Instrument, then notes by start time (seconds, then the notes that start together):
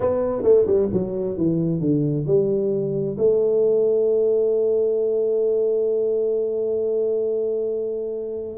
tuba
0.00 B3
0.43 A3
0.66 G3
0.92 F#3
1.37 E3
1.80 D3
2.26 G3
3.17 A3